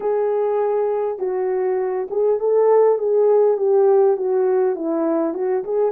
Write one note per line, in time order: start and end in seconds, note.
0.00 1.19 G#4
1.19 2.08 F#4
2.10 2.39 G#4
2.39 2.98 A4
2.98 3.57 G#4
3.57 4.16 G4
4.16 4.75 F#4
4.75 5.34 E4
5.34 5.63 F#4
5.64 5.92 G#4